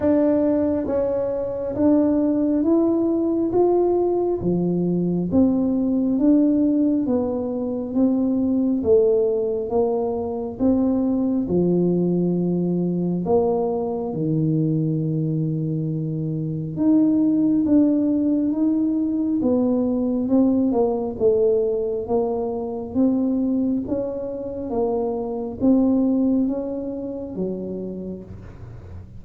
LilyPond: \new Staff \with { instrumentName = "tuba" } { \time 4/4 \tempo 4 = 68 d'4 cis'4 d'4 e'4 | f'4 f4 c'4 d'4 | b4 c'4 a4 ais4 | c'4 f2 ais4 |
dis2. dis'4 | d'4 dis'4 b4 c'8 ais8 | a4 ais4 c'4 cis'4 | ais4 c'4 cis'4 fis4 | }